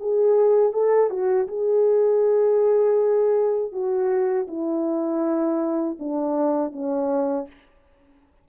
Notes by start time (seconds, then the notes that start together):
0.00 G#4
0.73 A4
1.10 F#4
1.48 G#4
3.72 F#4
4.48 E4
5.99 D4
6.73 C#4